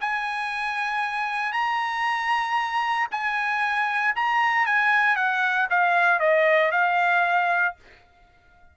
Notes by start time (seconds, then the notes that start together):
0.00 G#5
1.52 A#5
3.11 G#5
4.15 A#5
4.66 G#5
5.16 F#5
5.70 F5
6.19 D#5
6.71 F5